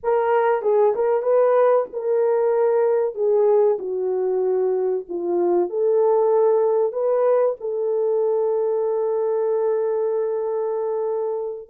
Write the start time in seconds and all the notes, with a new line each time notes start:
0.03 A#4
0.61 G#4
0.95 A#4
1.22 B4
1.92 A#4
3.14 G#4
3.78 F#4
5.08 F4
5.69 A4
6.92 B4
7.60 A4